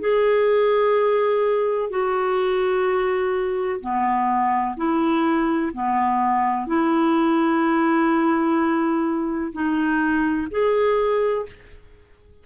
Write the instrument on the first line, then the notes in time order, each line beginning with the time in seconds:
clarinet
0.00 G#4
1.90 F#4
3.81 B3
4.77 E4
5.74 B3
6.67 E4
9.53 D#4
10.51 G#4